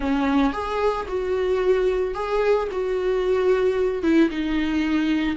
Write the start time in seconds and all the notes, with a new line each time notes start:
0.00 C#4
0.52 G#4
1.08 F#4
2.14 G#4
2.71 F#4
4.03 E4
4.30 D#4